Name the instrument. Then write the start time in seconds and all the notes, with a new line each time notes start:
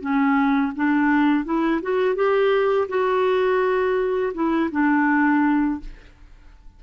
clarinet
0.00 C#4
0.75 D4
1.44 E4
1.82 F#4
2.15 G4
2.88 F#4
4.33 E4
4.71 D4